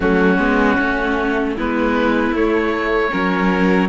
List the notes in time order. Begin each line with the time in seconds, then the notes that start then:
0.00 F#3 A3 C#4 F#4
0.38 G#3 B3
0.79 A3 C#4
1.55 G#3 B3 E4 B4
2.31 A3 C#5
3.11 F#3 C#4 A#4